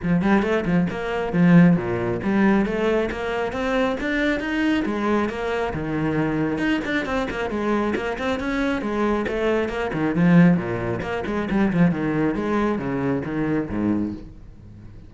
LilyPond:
\new Staff \with { instrumentName = "cello" } { \time 4/4 \tempo 4 = 136 f8 g8 a8 f8 ais4 f4 | ais,4 g4 a4 ais4 | c'4 d'4 dis'4 gis4 | ais4 dis2 dis'8 d'8 |
c'8 ais8 gis4 ais8 c'8 cis'4 | gis4 a4 ais8 dis8 f4 | ais,4 ais8 gis8 g8 f8 dis4 | gis4 cis4 dis4 gis,4 | }